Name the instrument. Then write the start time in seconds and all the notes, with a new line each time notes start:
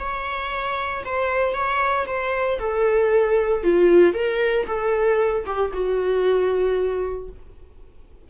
viola
0.00 C#5
1.05 C5
1.54 C#5
2.07 C5
2.60 A4
3.64 F4
4.15 A#4
4.67 A4
5.46 G4
5.73 F#4